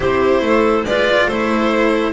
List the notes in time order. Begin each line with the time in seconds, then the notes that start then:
0.00 C4 E4 G4 C5
0.41 A3 A4
0.84 G#3 F4 B4 D5
1.27 A3 E4 A4 C5